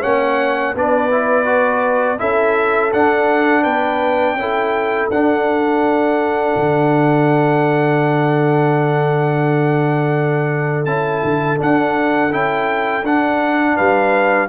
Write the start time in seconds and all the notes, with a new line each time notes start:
0.00 A#3 C#4 C#5 F#5
0.74 B3 D4 B4 D5
1.10 E4
1.45 F#4
2.18 C#4 E4 A4 E5
2.92 D4 F#5
3.62 B3 B4 G5
4.34 C#4 E4 A4
5.10 D4 F#5
6.55 D3
10.85 C#4 E4 A5
11.23 D3
11.57 D4 F#5
12.31 C#4 E4 G5
13.03 D4 F#5
13.75 G3 B4 F5